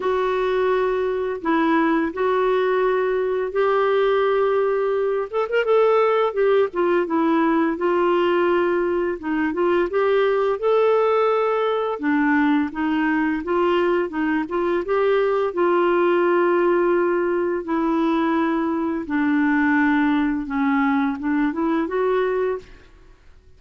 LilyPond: \new Staff \with { instrumentName = "clarinet" } { \time 4/4 \tempo 4 = 85 fis'2 e'4 fis'4~ | fis'4 g'2~ g'8 a'16 ais'16 | a'4 g'8 f'8 e'4 f'4~ | f'4 dis'8 f'8 g'4 a'4~ |
a'4 d'4 dis'4 f'4 | dis'8 f'8 g'4 f'2~ | f'4 e'2 d'4~ | d'4 cis'4 d'8 e'8 fis'4 | }